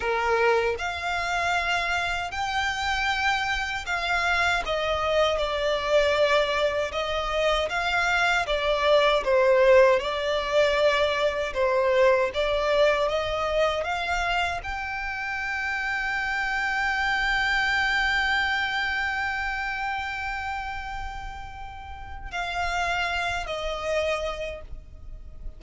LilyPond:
\new Staff \with { instrumentName = "violin" } { \time 4/4 \tempo 4 = 78 ais'4 f''2 g''4~ | g''4 f''4 dis''4 d''4~ | d''4 dis''4 f''4 d''4 | c''4 d''2 c''4 |
d''4 dis''4 f''4 g''4~ | g''1~ | g''1~ | g''4 f''4. dis''4. | }